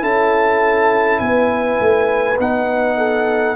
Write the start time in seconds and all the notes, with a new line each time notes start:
0.00 C#4 E4 A4 A5
1.19 B3 B4 G#5
1.80 A3
2.38 B3 D#4 F#5
2.97 A4